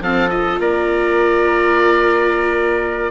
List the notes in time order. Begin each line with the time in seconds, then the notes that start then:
0.00 F3 C4 A4 F5
0.30 F4 D#5
0.59 A#3 A#4 D5